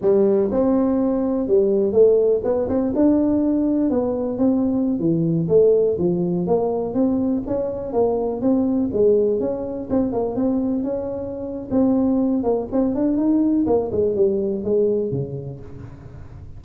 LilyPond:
\new Staff \with { instrumentName = "tuba" } { \time 4/4 \tempo 4 = 123 g4 c'2 g4 | a4 b8 c'8 d'2 | b4 c'4~ c'16 e4 a8.~ | a16 f4 ais4 c'4 cis'8.~ |
cis'16 ais4 c'4 gis4 cis'8.~ | cis'16 c'8 ais8 c'4 cis'4.~ cis'16 | c'4. ais8 c'8 d'8 dis'4 | ais8 gis8 g4 gis4 cis4 | }